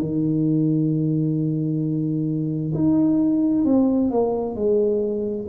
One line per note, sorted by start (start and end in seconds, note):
0.00 2.73 D#3
2.74 3.65 D#4
3.65 4.10 C4
4.10 4.55 A#3
4.55 5.46 G#3